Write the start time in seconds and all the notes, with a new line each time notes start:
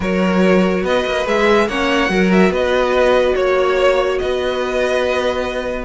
0.00 F#3 F#4 A#4 C#5
0.83 B3 B4 D#5
1.05 A#3
1.25 G#3 G#4 E5
1.68 A#3 C#4 C#5 F#5
2.09 F#3 F#4 A#4
2.32 E5
2.49 B3 B4 D#5
3.35 A#3 C#5
4.18 B3 B4 D#5